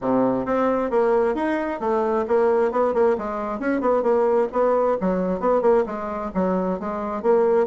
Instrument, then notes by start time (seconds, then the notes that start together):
bassoon
0.01 C3
0.45 C4
0.90 A#3
1.34 D#4
1.80 A3
2.27 A#3
2.71 B3
2.93 A#3
3.17 G#3
3.59 C#4
3.80 B3
4.02 A#3
4.52 B3
5.01 F#3
5.40 B3
5.61 A#3
5.86 G#3
6.34 F#3
6.79 G#3
7.22 A#3